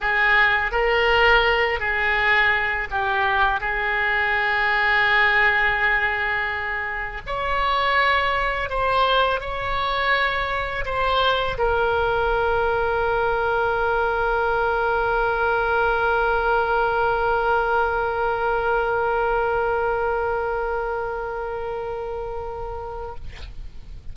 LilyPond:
\new Staff \with { instrumentName = "oboe" } { \time 4/4 \tempo 4 = 83 gis'4 ais'4. gis'4. | g'4 gis'2.~ | gis'2 cis''2 | c''4 cis''2 c''4 |
ais'1~ | ais'1~ | ais'1~ | ais'1 | }